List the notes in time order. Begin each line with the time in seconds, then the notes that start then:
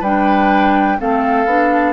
0.00 G3 D4 B4 G5
0.98 A3 C4 A4 F5
1.45 B3 D4